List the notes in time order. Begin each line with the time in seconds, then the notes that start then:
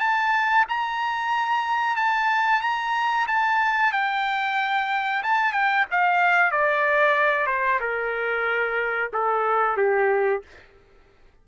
0.00 A5
0.68 A#5
1.96 A5
2.61 A#5
3.27 A5
3.92 G5
5.23 A5
5.53 G5
5.91 F5
6.52 D5
7.47 C5
7.80 A#4
9.13 A4
9.77 G4